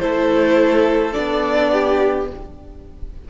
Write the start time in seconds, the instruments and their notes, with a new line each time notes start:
0.00 cello A3, viola E4, violin A4 C5
1.12 cello B3, viola D4, violin D5
1.72 violin G4